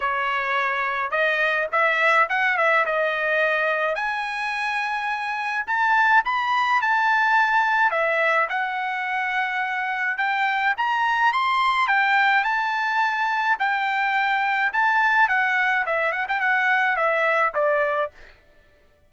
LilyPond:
\new Staff \with { instrumentName = "trumpet" } { \time 4/4 \tempo 4 = 106 cis''2 dis''4 e''4 | fis''8 e''8 dis''2 gis''4~ | gis''2 a''4 b''4 | a''2 e''4 fis''4~ |
fis''2 g''4 ais''4 | c'''4 g''4 a''2 | g''2 a''4 fis''4 | e''8 fis''16 g''16 fis''4 e''4 d''4 | }